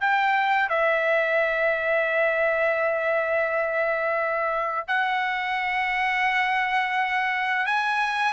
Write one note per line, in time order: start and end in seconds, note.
0.00 0.69 G5
0.69 4.87 E5
4.87 7.66 F#5
7.66 8.33 G#5